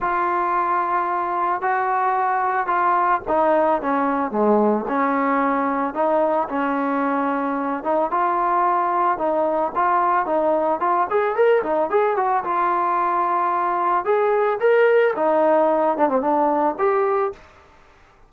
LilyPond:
\new Staff \with { instrumentName = "trombone" } { \time 4/4 \tempo 4 = 111 f'2. fis'4~ | fis'4 f'4 dis'4 cis'4 | gis4 cis'2 dis'4 | cis'2~ cis'8 dis'8 f'4~ |
f'4 dis'4 f'4 dis'4 | f'8 gis'8 ais'8 dis'8 gis'8 fis'8 f'4~ | f'2 gis'4 ais'4 | dis'4. d'16 c'16 d'4 g'4 | }